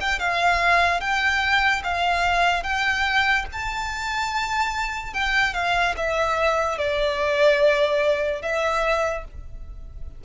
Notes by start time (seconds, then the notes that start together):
0.00 G5
0.19 F5
1.00 G5
1.83 F5
2.63 G5
3.52 A5
5.13 G5
5.53 F5
5.97 E5
6.78 D5
8.42 E5